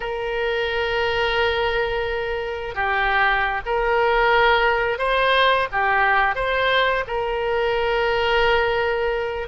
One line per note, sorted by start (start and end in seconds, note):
0.00 2.74 A#4
2.74 3.61 G4
3.65 4.98 A#4
4.98 5.67 C5
5.71 6.35 G4
6.35 7.04 C5
7.07 9.48 A#4